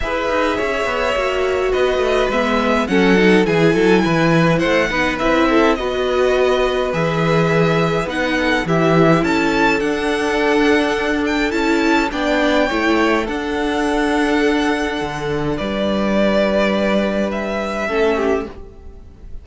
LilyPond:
<<
  \new Staff \with { instrumentName = "violin" } { \time 4/4 \tempo 4 = 104 e''2. dis''4 | e''4 fis''4 gis''2 | fis''4 e''4 dis''2 | e''2 fis''4 e''4 |
a''4 fis''2~ fis''8 g''8 | a''4 g''2 fis''4~ | fis''2. d''4~ | d''2 e''2 | }
  \new Staff \with { instrumentName = "violin" } { \time 4/4 b'4 cis''2 b'4~ | b'4 a'4 gis'8 a'8 b'4 | c''8 b'4 a'8 b'2~ | b'2~ b'8 a'8 g'4 |
a'1~ | a'4 d''4 cis''4 a'4~ | a'2. b'4~ | b'2. a'8 g'8 | }
  \new Staff \with { instrumentName = "viola" } { \time 4/4 gis'2 fis'2 | b4 cis'8 dis'8 e'2~ | e'8 dis'8 e'4 fis'2 | gis'2 dis'4 e'4~ |
e'4 d'2. | e'4 d'4 e'4 d'4~ | d'1~ | d'2. cis'4 | }
  \new Staff \with { instrumentName = "cello" } { \time 4/4 e'8 dis'8 cis'8 b8 ais4 b8 a8 | gis4 fis4 e8 fis8 e4 | a8 b8 c'4 b2 | e2 b4 e4 |
cis'4 d'2. | cis'4 b4 a4 d'4~ | d'2 d4 g4~ | g2. a4 | }
>>